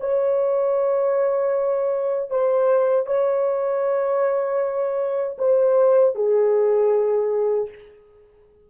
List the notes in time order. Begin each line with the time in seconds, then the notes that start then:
0.00 C#5
2.30 C5
3.06 C#5
5.38 C5
6.15 G#4